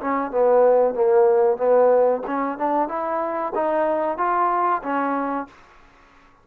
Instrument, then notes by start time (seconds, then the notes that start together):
trombone
0.00 C#4
0.31 B3
0.94 A#3
1.57 B3
2.26 C#4
2.58 D4
2.88 E4
3.55 D#4
4.17 F4
4.82 C#4